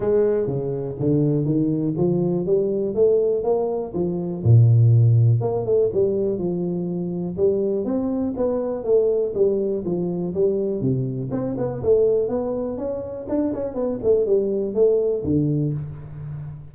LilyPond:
\new Staff \with { instrumentName = "tuba" } { \time 4/4 \tempo 4 = 122 gis4 cis4 d4 dis4 | f4 g4 a4 ais4 | f4 ais,2 ais8 a8 | g4 f2 g4 |
c'4 b4 a4 g4 | f4 g4 c4 c'8 b8 | a4 b4 cis'4 d'8 cis'8 | b8 a8 g4 a4 d4 | }